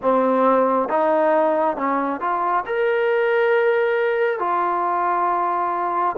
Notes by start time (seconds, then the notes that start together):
0.02 C4
0.88 D#4
1.76 C#4
2.20 F4
2.66 A#4
4.39 F4